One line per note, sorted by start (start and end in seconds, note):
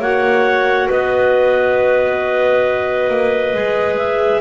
0.00 0.88 A#3
0.00 3.54 F#4
0.00 0.88 C#5
0.00 0.90 F#5
0.88 3.10 B3
0.88 4.41 B4
0.88 3.98 D#5
3.10 3.54 A#3
3.54 4.42 G#3
3.54 4.42 G#4
3.98 4.42 E5